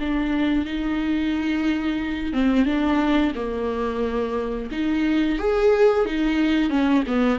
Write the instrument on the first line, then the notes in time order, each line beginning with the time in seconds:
viola
0.00 D4
0.66 D#4
2.34 C4
2.66 D4
3.35 A#3
4.72 D#4
5.39 G#4
6.06 D#4
6.70 C#4
7.07 B3